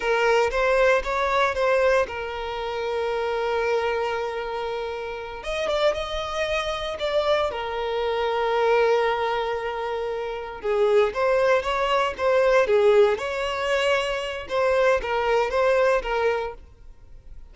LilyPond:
\new Staff \with { instrumentName = "violin" } { \time 4/4 \tempo 4 = 116 ais'4 c''4 cis''4 c''4 | ais'1~ | ais'2~ ais'8 dis''8 d''8 dis''8~ | dis''4. d''4 ais'4.~ |
ais'1~ | ais'8 gis'4 c''4 cis''4 c''8~ | c''8 gis'4 cis''2~ cis''8 | c''4 ais'4 c''4 ais'4 | }